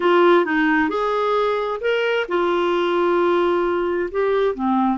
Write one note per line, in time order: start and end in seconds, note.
0.00 0.45 F4
0.45 0.89 D#4
0.89 1.80 G#4
1.81 2.26 A#4
2.28 4.10 F4
4.11 4.54 G4
4.54 4.97 C4